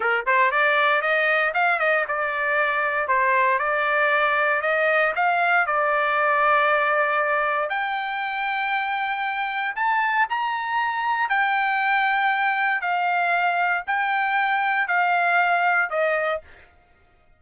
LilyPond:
\new Staff \with { instrumentName = "trumpet" } { \time 4/4 \tempo 4 = 117 ais'8 c''8 d''4 dis''4 f''8 dis''8 | d''2 c''4 d''4~ | d''4 dis''4 f''4 d''4~ | d''2. g''4~ |
g''2. a''4 | ais''2 g''2~ | g''4 f''2 g''4~ | g''4 f''2 dis''4 | }